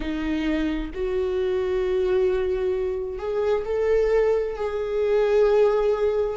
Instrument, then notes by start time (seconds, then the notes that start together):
viola
0.00 D#4
0.93 F#4
3.19 G#4
3.64 A4
4.56 G#4